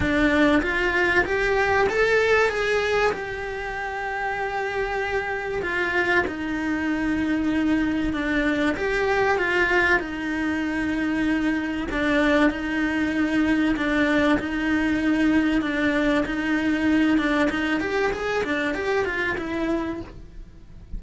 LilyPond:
\new Staff \with { instrumentName = "cello" } { \time 4/4 \tempo 4 = 96 d'4 f'4 g'4 a'4 | gis'4 g'2.~ | g'4 f'4 dis'2~ | dis'4 d'4 g'4 f'4 |
dis'2. d'4 | dis'2 d'4 dis'4~ | dis'4 d'4 dis'4. d'8 | dis'8 g'8 gis'8 d'8 g'8 f'8 e'4 | }